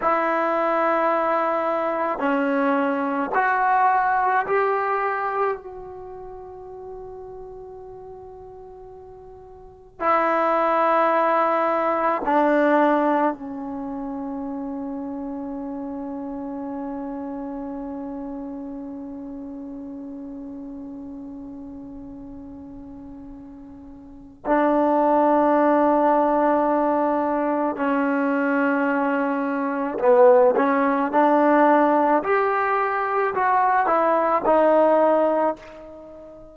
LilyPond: \new Staff \with { instrumentName = "trombone" } { \time 4/4 \tempo 4 = 54 e'2 cis'4 fis'4 | g'4 fis'2.~ | fis'4 e'2 d'4 | cis'1~ |
cis'1~ | cis'2 d'2~ | d'4 cis'2 b8 cis'8 | d'4 g'4 fis'8 e'8 dis'4 | }